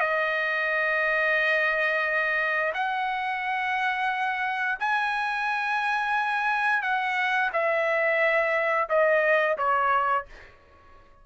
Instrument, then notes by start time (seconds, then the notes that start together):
trumpet
0.00 D#5
2.74 F#5
4.80 G#5
6.82 F#5
7.53 E5
8.89 D#5
9.58 C#5